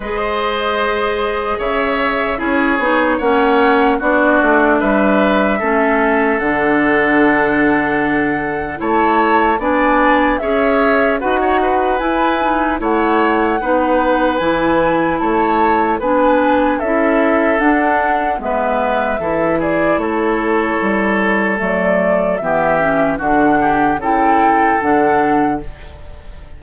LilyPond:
<<
  \new Staff \with { instrumentName = "flute" } { \time 4/4 \tempo 4 = 75 dis''2 e''4 cis''4 | fis''4 d''4 e''2 | fis''2. a''4 | gis''4 e''4 fis''4 gis''4 |
fis''2 gis''4 a''4 | gis''4 e''4 fis''4 e''4~ | e''8 d''8 cis''2 d''4 | e''4 fis''4 g''4 fis''4 | }
  \new Staff \with { instrumentName = "oboe" } { \time 4/4 c''2 cis''4 gis'4 | cis''4 fis'4 b'4 a'4~ | a'2. cis''4 | d''4 cis''4 b'16 cis''16 b'4. |
cis''4 b'2 cis''4 | b'4 a'2 b'4 | a'8 gis'8 a'2. | g'4 fis'8 g'8 a'2 | }
  \new Staff \with { instrumentName = "clarinet" } { \time 4/4 gis'2. e'8 dis'8 | cis'4 d'2 cis'4 | d'2. e'4 | d'4 gis'4 fis'4 e'8 dis'8 |
e'4 dis'4 e'2 | d'4 e'4 d'4 b4 | e'2. a4 | b8 cis'8 d'4 e'4 d'4 | }
  \new Staff \with { instrumentName = "bassoon" } { \time 4/4 gis2 cis4 cis'8 b8 | ais4 b8 a8 g4 a4 | d2. a4 | b4 cis'4 dis'4 e'4 |
a4 b4 e4 a4 | b4 cis'4 d'4 gis4 | e4 a4 g4 fis4 | e4 d4 cis4 d4 | }
>>